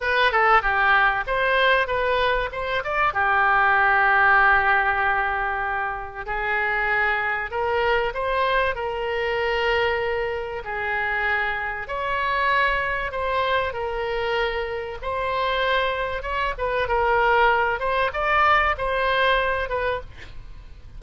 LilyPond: \new Staff \with { instrumentName = "oboe" } { \time 4/4 \tempo 4 = 96 b'8 a'8 g'4 c''4 b'4 | c''8 d''8 g'2.~ | g'2 gis'2 | ais'4 c''4 ais'2~ |
ais'4 gis'2 cis''4~ | cis''4 c''4 ais'2 | c''2 cis''8 b'8 ais'4~ | ais'8 c''8 d''4 c''4. b'8 | }